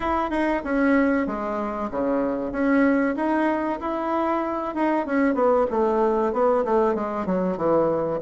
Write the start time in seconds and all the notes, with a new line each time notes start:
0.00 E4
0.30 D#4
0.64 C#4
1.26 G#3
1.91 C#3
2.51 C#4
3.16 D#4
3.80 E4
4.74 D#4
5.06 C#4
5.34 B3
5.70 A3
6.32 B3
6.64 A3
6.94 G#3
7.26 F#3
7.57 E3